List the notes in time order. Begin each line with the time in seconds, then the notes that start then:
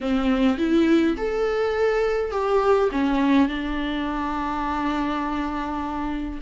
0.01 C4
0.58 E4
1.17 A4
2.31 G4
2.91 C#4
3.48 D4